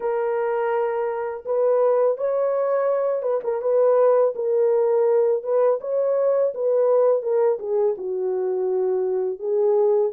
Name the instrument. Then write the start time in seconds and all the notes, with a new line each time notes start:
horn
0.00 A#4
1.45 B4
2.17 C#5
3.22 B4
3.43 A#4
3.61 B4
4.35 A#4
5.42 B4
5.80 C#5
6.54 B4
7.22 A#4
7.59 G#4
7.97 F#4
9.39 G#4